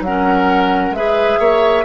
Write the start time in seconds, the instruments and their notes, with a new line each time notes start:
0.00 bassoon F#3, flute F#5
0.07 clarinet C#4, oboe A#4
0.90 bassoon G#3, clarinet G#4, oboe B4, flute E5
1.39 bassoon A#3, oboe C#5